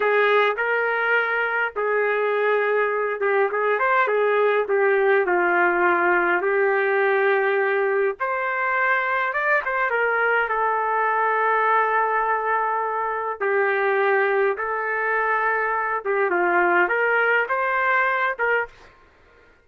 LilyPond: \new Staff \with { instrumentName = "trumpet" } { \time 4/4 \tempo 4 = 103 gis'4 ais'2 gis'4~ | gis'4. g'8 gis'8 c''8 gis'4 | g'4 f'2 g'4~ | g'2 c''2 |
d''8 c''8 ais'4 a'2~ | a'2. g'4~ | g'4 a'2~ a'8 g'8 | f'4 ais'4 c''4. ais'8 | }